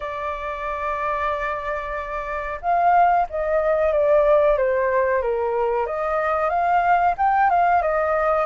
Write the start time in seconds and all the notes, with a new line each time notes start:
0.00 D5
2.61 F5
3.29 D#5
3.92 D5
4.57 C5
5.21 A#4
5.86 D#5
6.49 F5
7.17 G5
7.50 F5
7.82 D#5